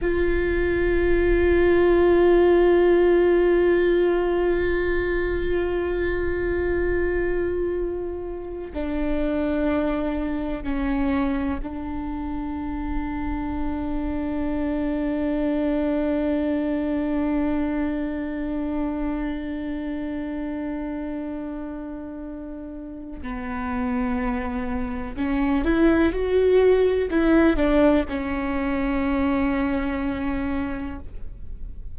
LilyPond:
\new Staff \with { instrumentName = "viola" } { \time 4/4 \tempo 4 = 62 f'1~ | f'1~ | f'4 d'2 cis'4 | d'1~ |
d'1~ | d'1 | b2 cis'8 e'8 fis'4 | e'8 d'8 cis'2. | }